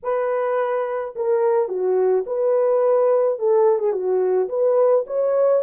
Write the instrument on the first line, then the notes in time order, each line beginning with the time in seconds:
horn
0.02 B4
1.15 A#4
1.68 F#4
2.26 B4
3.38 A4
3.79 G#4
3.92 F#4
4.49 B4
5.06 C#5